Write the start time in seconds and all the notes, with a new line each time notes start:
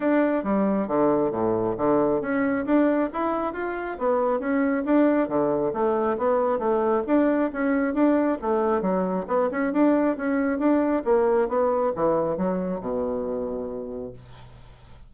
0.00 D4
0.43 G3
0.87 D3
1.31 A2
1.77 D3
2.21 C#4
2.65 D4
3.12 E4
3.53 F4
3.98 B3
4.39 C#4
4.85 D4
5.28 D3
5.73 A3
6.17 B3
6.58 A3
7.06 D4
7.52 C#4
7.94 D4
8.41 A3
8.81 F#3
9.27 B3
9.51 C#4
9.72 D4
10.17 C#4
10.58 D4
11.04 A#3
11.48 B3
11.95 E3
12.37 F#3
12.80 B2